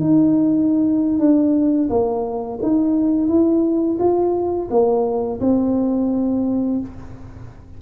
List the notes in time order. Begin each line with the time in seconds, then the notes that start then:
0.00 D#4
1.19 D4
1.89 A#3
2.62 D#4
3.28 E4
3.99 F4
4.70 A#3
5.40 C4